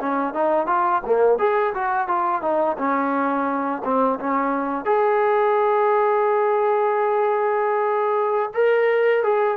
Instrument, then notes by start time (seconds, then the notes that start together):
trombone
0.00 C#4
0.34 D#4
0.67 F4
1.06 A#3
1.39 G#4
1.74 F#4
2.08 F4
2.42 D#4
2.78 C#4
3.84 C4
4.20 C#4
4.85 G#4
8.54 A#4
9.24 G#4